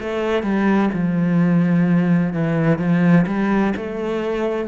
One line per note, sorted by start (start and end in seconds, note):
0.00 0.43 A3
0.43 0.90 G3
0.94 2.34 F3
2.34 2.79 E3
2.79 3.26 F3
3.27 3.74 G3
3.77 4.68 A3